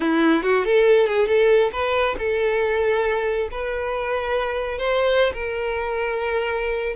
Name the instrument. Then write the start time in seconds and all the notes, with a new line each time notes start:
violin
0.00 E4
0.42 F#4
0.64 A4
1.07 G#4
1.27 A4
1.72 B4
2.18 A4
3.51 B4
4.78 C5
5.33 A#4